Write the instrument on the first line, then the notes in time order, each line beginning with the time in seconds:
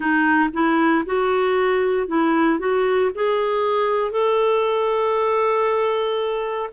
clarinet
0.00 D#4
0.53 E4
1.05 F#4
2.07 E4
2.59 F#4
3.15 G#4
4.11 A4